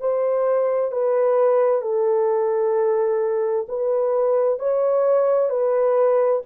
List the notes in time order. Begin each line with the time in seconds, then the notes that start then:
0.00 C5
0.91 B4
1.82 A4
3.68 B4
4.59 C#5
5.50 B4